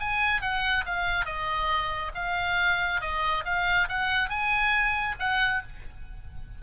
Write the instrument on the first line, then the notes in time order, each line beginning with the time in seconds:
oboe
0.00 G#5
0.41 F#5
0.86 F5
1.26 D#5
2.15 F5
3.01 D#5
3.45 F5
3.88 F#5
4.29 G#5
5.20 F#5